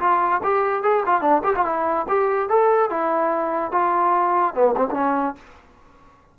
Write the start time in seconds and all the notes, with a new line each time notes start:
0.00 F4
0.43 G4
0.83 G#4
1.06 F4
1.22 D4
1.44 G4
1.56 F4
1.66 E4
2.09 G4
2.49 A4
2.90 E4
3.72 F4
4.55 B3
4.77 C4
4.91 C#4 D4